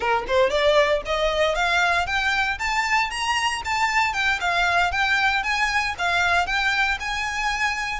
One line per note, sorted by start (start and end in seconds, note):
0.00 0.24 A#4
0.27 0.50 C5
0.50 1.01 D5
1.05 1.55 D#5
1.55 2.06 F5
2.06 2.58 G5
2.59 3.10 A5
3.10 3.62 A#5
3.65 4.13 A5
4.13 4.39 G5
4.40 4.91 F5
4.91 5.43 G5
5.43 5.94 G#5
5.98 6.46 F5
6.46 6.98 G5
6.99 7.99 G#5